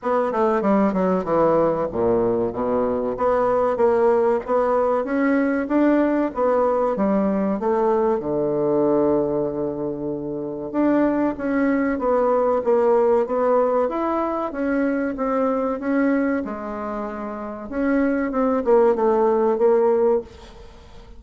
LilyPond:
\new Staff \with { instrumentName = "bassoon" } { \time 4/4 \tempo 4 = 95 b8 a8 g8 fis8 e4 ais,4 | b,4 b4 ais4 b4 | cis'4 d'4 b4 g4 | a4 d2.~ |
d4 d'4 cis'4 b4 | ais4 b4 e'4 cis'4 | c'4 cis'4 gis2 | cis'4 c'8 ais8 a4 ais4 | }